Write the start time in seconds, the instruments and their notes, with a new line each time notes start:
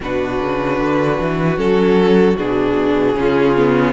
0.00 cello B2, viola D4, violin F#4 B4
0.41 cello C#3
0.79 cello D3
1.20 cello E3
1.57 cello F#3, viola C#4, violin A4
2.36 cello B2, viola D4, violin G#4
3.15 cello C#3, viola C#4, violin F4
3.56 viola B3